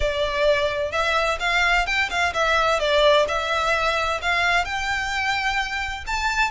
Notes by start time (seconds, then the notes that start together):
0.00 D5
0.91 E5
1.39 F5
1.86 G5
2.10 F5
2.33 E5
2.79 D5
3.27 E5
4.21 F5
4.64 G5
6.07 A5